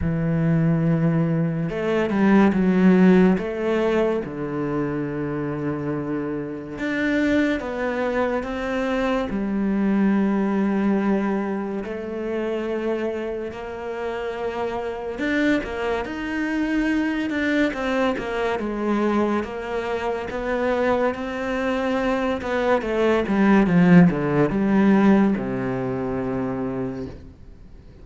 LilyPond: \new Staff \with { instrumentName = "cello" } { \time 4/4 \tempo 4 = 71 e2 a8 g8 fis4 | a4 d2. | d'4 b4 c'4 g4~ | g2 a2 |
ais2 d'8 ais8 dis'4~ | dis'8 d'8 c'8 ais8 gis4 ais4 | b4 c'4. b8 a8 g8 | f8 d8 g4 c2 | }